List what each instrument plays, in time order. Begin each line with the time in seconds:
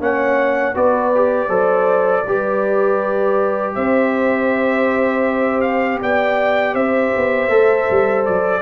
0.00 tuba A#3, trombone C#4, horn C#5, trumpet F#5
0.74 tuba B3, trombone F#4, horn B4, trumpet D5
1.15 trombone G4
1.48 tuba F#3, trombone A4, horn C5
2.26 tuba G3, trombone G4, horn B4
3.75 tuba C4, horn C5, trumpet E5
5.61 trumpet F5
6.01 tuba B3, horn D5, trumpet G5
6.74 tuba C4, horn C5, trumpet E5
7.17 tuba B3
7.49 tuba A3, trombone A4
7.91 tuba G3
8.26 tuba F#3, trumpet D5